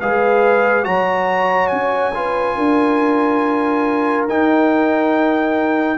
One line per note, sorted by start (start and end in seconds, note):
0.00 0.86 G#3
0.00 0.83 G#4
0.00 0.85 B4
0.00 0.85 F5
0.83 1.72 F#3
0.83 2.12 F#4
0.83 2.14 C#5
0.83 1.67 A#5
1.67 2.57 C#4
1.67 4.24 G#5
2.14 4.29 F4
2.14 2.56 B4
2.56 4.28 D4
2.56 5.98 A#4
4.28 5.98 D#4
4.28 5.98 G5